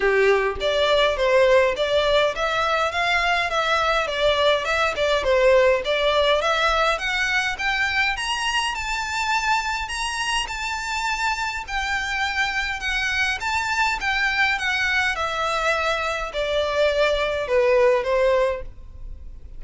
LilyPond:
\new Staff \with { instrumentName = "violin" } { \time 4/4 \tempo 4 = 103 g'4 d''4 c''4 d''4 | e''4 f''4 e''4 d''4 | e''8 d''8 c''4 d''4 e''4 | fis''4 g''4 ais''4 a''4~ |
a''4 ais''4 a''2 | g''2 fis''4 a''4 | g''4 fis''4 e''2 | d''2 b'4 c''4 | }